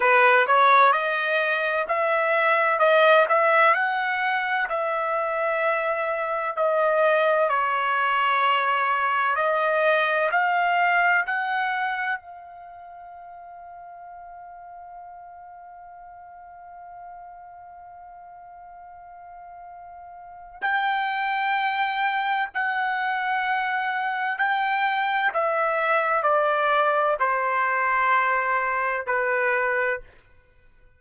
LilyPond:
\new Staff \with { instrumentName = "trumpet" } { \time 4/4 \tempo 4 = 64 b'8 cis''8 dis''4 e''4 dis''8 e''8 | fis''4 e''2 dis''4 | cis''2 dis''4 f''4 | fis''4 f''2.~ |
f''1~ | f''2 g''2 | fis''2 g''4 e''4 | d''4 c''2 b'4 | }